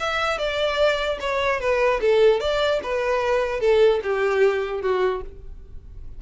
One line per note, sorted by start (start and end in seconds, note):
0.00 0.39 E5
0.39 1.19 D5
1.21 1.61 C#5
1.61 2.01 B4
2.02 2.41 A4
2.41 2.81 D5
2.84 3.61 B4
3.61 4.01 A4
4.03 4.82 G4
4.82 5.22 F#4